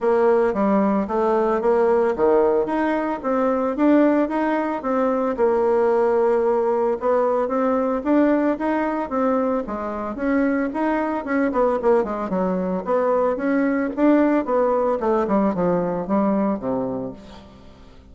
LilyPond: \new Staff \with { instrumentName = "bassoon" } { \time 4/4 \tempo 4 = 112 ais4 g4 a4 ais4 | dis4 dis'4 c'4 d'4 | dis'4 c'4 ais2~ | ais4 b4 c'4 d'4 |
dis'4 c'4 gis4 cis'4 | dis'4 cis'8 b8 ais8 gis8 fis4 | b4 cis'4 d'4 b4 | a8 g8 f4 g4 c4 | }